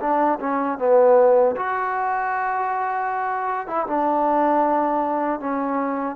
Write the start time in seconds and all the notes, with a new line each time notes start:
0.00 D4
0.40 C#4
0.78 B3
1.56 F#4
3.67 E4
3.87 D4
5.40 C#4